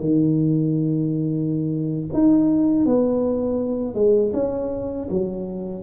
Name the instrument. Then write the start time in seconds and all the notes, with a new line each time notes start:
tuba
0.00 D#3
2.13 D#4
2.86 B3
3.94 G#3
4.33 C#4
5.10 F#3